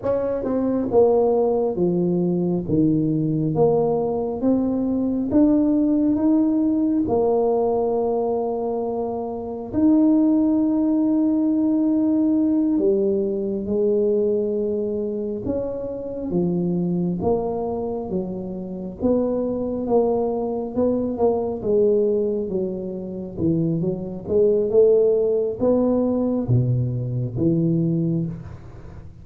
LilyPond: \new Staff \with { instrumentName = "tuba" } { \time 4/4 \tempo 4 = 68 cis'8 c'8 ais4 f4 dis4 | ais4 c'4 d'4 dis'4 | ais2. dis'4~ | dis'2~ dis'8 g4 gis8~ |
gis4. cis'4 f4 ais8~ | ais8 fis4 b4 ais4 b8 | ais8 gis4 fis4 e8 fis8 gis8 | a4 b4 b,4 e4 | }